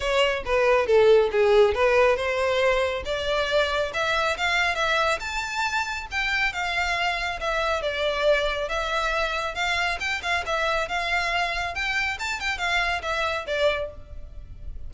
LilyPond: \new Staff \with { instrumentName = "violin" } { \time 4/4 \tempo 4 = 138 cis''4 b'4 a'4 gis'4 | b'4 c''2 d''4~ | d''4 e''4 f''4 e''4 | a''2 g''4 f''4~ |
f''4 e''4 d''2 | e''2 f''4 g''8 f''8 | e''4 f''2 g''4 | a''8 g''8 f''4 e''4 d''4 | }